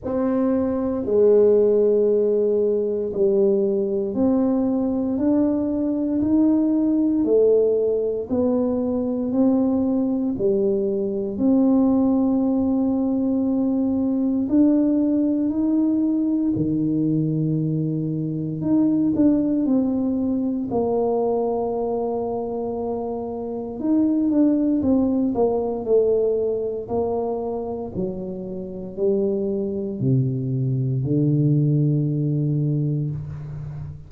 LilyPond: \new Staff \with { instrumentName = "tuba" } { \time 4/4 \tempo 4 = 58 c'4 gis2 g4 | c'4 d'4 dis'4 a4 | b4 c'4 g4 c'4~ | c'2 d'4 dis'4 |
dis2 dis'8 d'8 c'4 | ais2. dis'8 d'8 | c'8 ais8 a4 ais4 fis4 | g4 c4 d2 | }